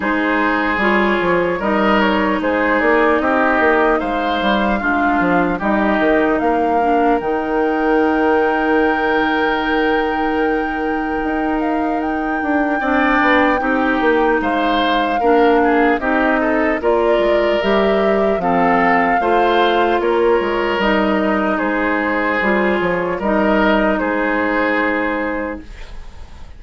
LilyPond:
<<
  \new Staff \with { instrumentName = "flute" } { \time 4/4 \tempo 4 = 75 c''4 cis''4 dis''8 cis''8 c''8 d''8 | dis''4 f''2 dis''4 | f''4 g''2.~ | g''2~ g''8 f''8 g''4~ |
g''2 f''2 | dis''4 d''4 e''4 f''4~ | f''4 cis''4 dis''4 c''4~ | c''8 cis''8 dis''4 c''2 | }
  \new Staff \with { instrumentName = "oboe" } { \time 4/4 gis'2 ais'4 gis'4 | g'4 c''4 f'4 g'4 | ais'1~ | ais'1 |
d''4 g'4 c''4 ais'8 gis'8 | g'8 a'8 ais'2 a'4 | c''4 ais'2 gis'4~ | gis'4 ais'4 gis'2 | }
  \new Staff \with { instrumentName = "clarinet" } { \time 4/4 dis'4 f'4 dis'2~ | dis'2 d'4 dis'4~ | dis'8 d'8 dis'2.~ | dis'1 |
d'4 dis'2 d'4 | dis'4 f'4 g'4 c'4 | f'2 dis'2 | f'4 dis'2. | }
  \new Staff \with { instrumentName = "bassoon" } { \time 4/4 gis4 g8 f8 g4 gis8 ais8 | c'8 ais8 gis8 g8 gis8 f8 g8 dis8 | ais4 dis2.~ | dis2 dis'4. d'8 |
c'8 b8 c'8 ais8 gis4 ais4 | c'4 ais8 gis8 g4 f4 | a4 ais8 gis8 g4 gis4 | g8 f8 g4 gis2 | }
>>